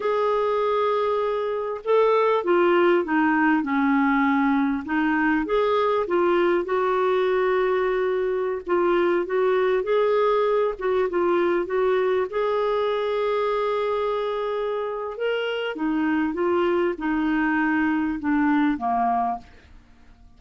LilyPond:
\new Staff \with { instrumentName = "clarinet" } { \time 4/4 \tempo 4 = 99 gis'2. a'4 | f'4 dis'4 cis'2 | dis'4 gis'4 f'4 fis'4~ | fis'2~ fis'16 f'4 fis'8.~ |
fis'16 gis'4. fis'8 f'4 fis'8.~ | fis'16 gis'2.~ gis'8.~ | gis'4 ais'4 dis'4 f'4 | dis'2 d'4 ais4 | }